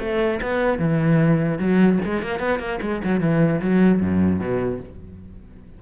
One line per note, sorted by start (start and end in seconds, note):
0.00 0.40 A3
0.42 0.79 B3
0.79 1.59 E3
1.59 1.99 F#3
2.05 2.22 G#3
2.22 2.40 A#3
2.40 2.60 B3
2.60 2.80 A#3
2.82 3.02 G#3
3.04 3.20 F#3
3.20 3.61 E3
3.61 4.01 F#3
4.01 4.40 F#2
4.40 4.80 B2